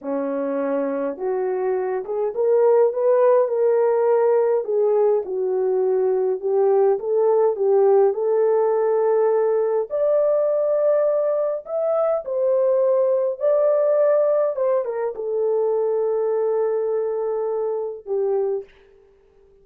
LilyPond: \new Staff \with { instrumentName = "horn" } { \time 4/4 \tempo 4 = 103 cis'2 fis'4. gis'8 | ais'4 b'4 ais'2 | gis'4 fis'2 g'4 | a'4 g'4 a'2~ |
a'4 d''2. | e''4 c''2 d''4~ | d''4 c''8 ais'8 a'2~ | a'2. g'4 | }